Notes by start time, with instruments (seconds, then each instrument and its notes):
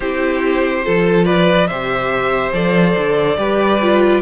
0.00 cello C4, viola E4, violin G4 C5
0.84 cello F3, viola F4, violin A4
1.25 violin B4 D5
1.67 cello C3, viola G4, violin C5 E5
2.52 cello F3, viola A4, violin D5
2.97 cello D3
3.36 cello G3, viola G4, violin B4
3.81 viola F4